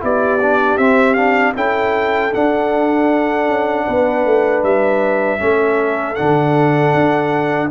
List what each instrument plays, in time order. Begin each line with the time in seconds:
0.00 tuba B3, trombone E4, horn G4, trumpet D5
0.42 trombone D4
0.78 tuba C4, trombone C4, trumpet E5
1.14 trombone D4, trumpet F5
1.55 tuba C#4, trombone E4, horn A4, trumpet G5
2.32 trombone D4, tuba D4, trumpet F#5
3.48 tuba C#4
3.86 tuba B3, horn B4
4.25 tuba A3
4.63 tuba G3, trumpet E5
5.39 tuba A3, trombone C#4, horn A4
6.15 tuba D3, trombone D4, trumpet F#5
6.94 tuba D4